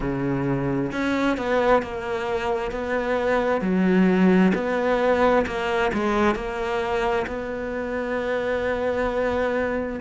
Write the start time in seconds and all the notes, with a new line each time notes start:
0.00 C#3
0.91 C#4
1.37 B3
1.82 A#3
2.71 B3
3.61 F#3
4.54 B3
5.46 A#3
5.93 G#3
6.35 A#3
7.26 B3